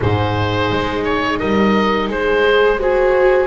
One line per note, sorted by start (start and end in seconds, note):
0.00 0.71 G#2
0.00 2.44 D#4
0.00 1.39 G#4
0.00 1.04 C5
0.71 1.41 G#3
1.04 1.39 C#5
1.39 2.07 G3
1.39 2.08 A#4
1.39 2.09 D#5
2.07 3.47 G#3
2.07 2.78 G#4
2.07 2.81 C5
2.44 2.79 G#4
2.78 3.47 F#4
2.78 3.47 G#4
2.78 3.47 C5